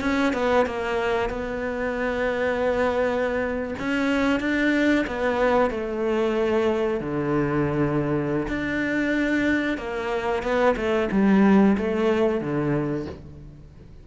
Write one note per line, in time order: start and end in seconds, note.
0.00 0.33 C#4
0.33 0.66 B3
0.66 1.29 A#3
1.29 3.74 B3
3.79 4.39 C#4
4.39 5.05 D4
5.07 5.70 B3
5.70 7.00 A3
7.00 8.47 D3
8.48 9.77 D4
9.77 10.42 A#3
10.42 10.75 B3
10.76 11.08 A3
11.11 11.76 G3
11.77 12.40 A3
12.40 13.06 D3